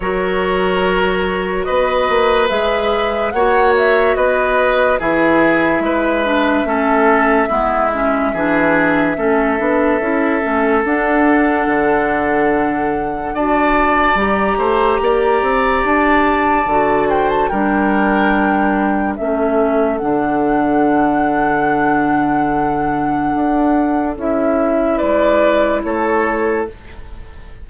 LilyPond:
<<
  \new Staff \with { instrumentName = "flute" } { \time 4/4 \tempo 4 = 72 cis''2 dis''4 e''4 | fis''8 e''8 dis''4 e''2~ | e''1~ | e''4 fis''2. |
a''4 ais''2 a''4~ | a''8 g''16 a''16 g''2 e''4 | fis''1~ | fis''4 e''4 d''4 cis''4 | }
  \new Staff \with { instrumentName = "oboe" } { \time 4/4 ais'2 b'2 | cis''4 b'4 gis'4 b'4 | a'4 e'4 gis'4 a'4~ | a'1 |
d''4. c''8 d''2~ | d''8 c''8 ais'2 a'4~ | a'1~ | a'2 b'4 a'4 | }
  \new Staff \with { instrumentName = "clarinet" } { \time 4/4 fis'2. gis'4 | fis'2 e'4. d'8 | cis'4 b8 cis'8 d'4 cis'8 d'8 | e'8 cis'8 d'2. |
fis'4 g'2. | fis'4 d'2 cis'4 | d'1~ | d'4 e'2. | }
  \new Staff \with { instrumentName = "bassoon" } { \time 4/4 fis2 b8 ais8 gis4 | ais4 b4 e4 gis4 | a4 gis4 e4 a8 b8 | cis'8 a8 d'4 d2 |
d'4 g8 a8 ais8 c'8 d'4 | d4 g2 a4 | d1 | d'4 cis'4 gis4 a4 | }
>>